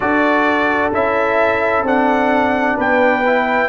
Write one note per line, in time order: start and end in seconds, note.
0.00 0.92 D4
0.00 0.92 F#4
0.00 2.76 A4
0.00 0.92 D5
0.92 1.82 C#4
0.92 1.85 E4
0.92 1.86 E5
1.82 2.75 C4
1.82 3.23 D4
1.82 2.79 F#5
2.76 3.69 B3
2.76 3.68 B4
2.76 3.69 G5
3.26 3.69 E4